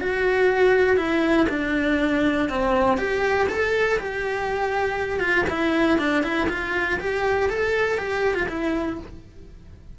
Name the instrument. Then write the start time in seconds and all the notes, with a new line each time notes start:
cello
0.00 F#4
0.96 E4
1.49 D4
2.49 C4
2.97 G4
3.48 A4
3.99 G4
5.19 F4
5.49 E4
5.98 D4
6.23 E4
6.49 F4
7.00 G4
7.49 A4
7.98 G4
8.34 F4
8.48 E4